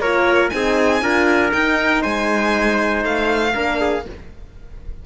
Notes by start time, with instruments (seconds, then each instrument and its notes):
0.00 cello A#3, horn F4, trumpet A#4, violin C#5
0.50 cello C4, horn D#4, trumpet G#4, violin G#5
1.01 cello D4, horn F4, trumpet A#4
1.51 horn D#4, cello D#4, violin G5
2.02 cello G#3, trumpet C5, violin G#5
3.04 cello A3, violin F5
3.55 cello A#3, horn D4, trumpet A#4
3.81 trumpet G#4